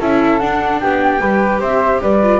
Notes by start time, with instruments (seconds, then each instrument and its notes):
0.00 double bass C#4, viola E4, flute A4 E5
0.39 viola D4, double bass D4, flute F#5
0.80 double bass B3, flute G4 G5
1.19 double bass G3, viola G4, flute B4
1.60 double bass C4, flute C5 E5
2.01 double bass G3, flute B4 D5
2.23 viola F4